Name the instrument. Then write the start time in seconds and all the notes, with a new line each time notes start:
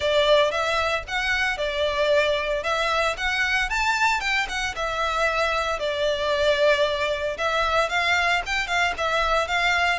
violin
0.00 D5
0.51 E5
1.07 F#5
1.57 D5
2.63 E5
3.17 F#5
3.69 A5
4.20 G5
4.48 F#5
4.75 E5
5.79 D5
7.37 E5
7.89 F5
8.46 G5
8.67 F5
8.97 E5
9.47 F5